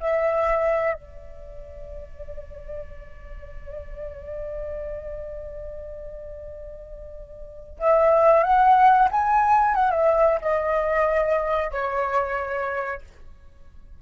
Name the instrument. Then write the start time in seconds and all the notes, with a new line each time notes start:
flute
0.00 E5
0.93 D5
7.79 E5
8.43 F#5
9.11 G#5
9.75 F#5
9.91 E5
10.41 D#5
11.71 C#5